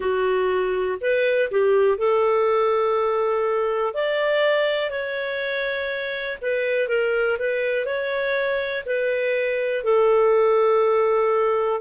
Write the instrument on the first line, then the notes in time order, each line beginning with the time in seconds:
clarinet
0.00 F#4
1.00 B4
1.50 G4
1.98 A4
3.93 D5
4.90 C#5
6.42 B4
6.88 A#4
7.39 B4
7.85 C#5
8.85 B4
9.84 A4